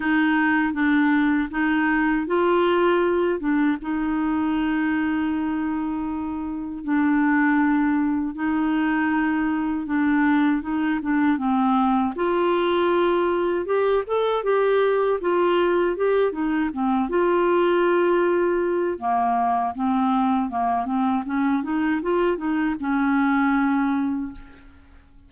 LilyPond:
\new Staff \with { instrumentName = "clarinet" } { \time 4/4 \tempo 4 = 79 dis'4 d'4 dis'4 f'4~ | f'8 d'8 dis'2.~ | dis'4 d'2 dis'4~ | dis'4 d'4 dis'8 d'8 c'4 |
f'2 g'8 a'8 g'4 | f'4 g'8 dis'8 c'8 f'4.~ | f'4 ais4 c'4 ais8 c'8 | cis'8 dis'8 f'8 dis'8 cis'2 | }